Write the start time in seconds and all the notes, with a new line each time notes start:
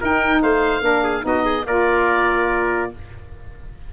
0.00 D#4 A#4 G5
0.42 A3 C5 F5
0.81 A#3 D4 A#4
1.03 G#4
1.21 B3 D#4 F#4 D#5
1.45 G#4
1.66 A#3 F4 A#4 D5